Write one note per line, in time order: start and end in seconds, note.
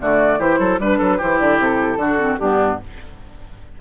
0.00 0.39 D3
0.00 0.39 A3
0.00 0.39 F#4
0.00 0.40 D5
0.39 0.59 E3
0.39 0.79 E4
0.39 0.59 G4
0.39 0.80 C5
0.59 0.79 F#3
0.59 0.79 A4
0.79 0.99 G3
0.79 1.20 D4
0.79 0.98 B4
0.79 1.21 B4
0.98 1.21 F#3
0.98 1.17 A4
1.17 1.40 E3
1.17 1.98 E4
1.17 1.97 G4
1.17 1.39 C5
1.39 1.59 D3
1.39 1.59 D5
1.59 1.96 C3
1.59 2.38 A4
1.96 2.36 D3
1.96 2.18 D4
1.96 2.39 F#4
2.18 2.38 C4
2.38 2.80 G2
2.38 2.81 B3
2.38 2.79 D4
2.38 2.78 G4